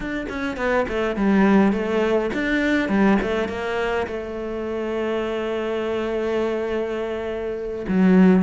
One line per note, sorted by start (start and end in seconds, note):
0.00 0.26 D4
0.29 0.57 C#4
0.57 0.86 B3
0.88 1.16 A3
1.16 1.72 G3
1.72 2.30 A3
2.33 2.89 D4
2.89 3.18 G3
3.22 3.48 A3
3.48 4.06 A#3
4.07 7.86 A3
7.88 8.42 F#3